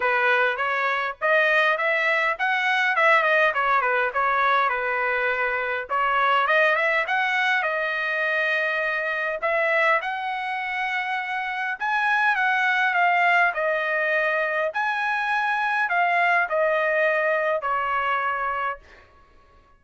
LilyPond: \new Staff \with { instrumentName = "trumpet" } { \time 4/4 \tempo 4 = 102 b'4 cis''4 dis''4 e''4 | fis''4 e''8 dis''8 cis''8 b'8 cis''4 | b'2 cis''4 dis''8 e''8 | fis''4 dis''2. |
e''4 fis''2. | gis''4 fis''4 f''4 dis''4~ | dis''4 gis''2 f''4 | dis''2 cis''2 | }